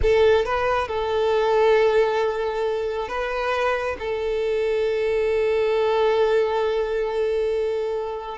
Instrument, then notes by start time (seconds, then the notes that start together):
violin
0.01 A4
0.45 B4
0.88 A4
3.08 B4
3.99 A4